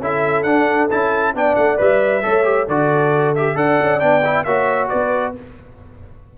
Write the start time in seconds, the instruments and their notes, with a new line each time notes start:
0.00 tuba C#4, trombone E4, horn A4, trumpet E5
0.43 tuba D4, trombone D4, trumpet F#5
0.91 tuba C#4, trombone E4, trumpet A5
1.35 tuba B3, trombone D4, horn D5, trumpet G5
1.56 tuba A3, trumpet F#5
1.77 tuba G3, trombone B4, trumpet E5
2.23 tuba A3, trombone A4, horn C#5
2.44 trombone G4
2.67 tuba D3, trombone F#4, horn A4, trumpet D5
3.36 trombone G4, trumpet E5
3.55 tuba D4, trombone A4, horn D5, trumpet F#5
3.82 tuba C#4
4.00 tuba B3, trombone D4, trumpet G5
4.24 trombone E4
4.44 tuba A#3, trombone F#4, horn C#5, trumpet E5
4.89 tuba B3, horn B4, trumpet D5